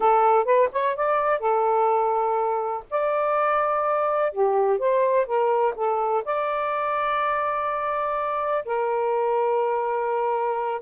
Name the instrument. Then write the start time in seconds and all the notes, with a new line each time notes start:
saxophone
0.00 A4
0.44 B4
0.72 C#5
0.96 D5
1.39 A4
2.90 D5
4.32 G4
4.78 C5
5.26 A#4
5.75 A4
6.24 D5
8.65 A#4